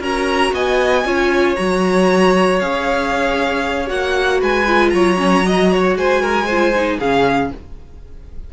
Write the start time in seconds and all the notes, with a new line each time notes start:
0.00 C#4 F#4 A#4 A#5
0.52 B3 D#5 G#5
1.04 C#4 F4 C#5
1.55 F#3 F#4 A#5
2.59 C#4 G#4 F5
3.86 A#3 F#4 F#5
4.40 G#3 B4 G#5
4.67 F4
4.89 F#3 C#5 A#5
5.16 C#4
5.43 F#4 D#5
5.72 C#5
5.95 G#3 C5 G#5
6.21 A#4
6.46 F4 C5
6.74 D#4
6.98 C#3 C#4 G#4 F5